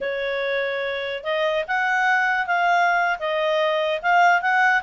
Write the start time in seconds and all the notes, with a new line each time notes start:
0.01 C#5
1.23 D#5
1.67 F#5
2.46 F5
3.19 D#5
4.02 F5
4.41 F#5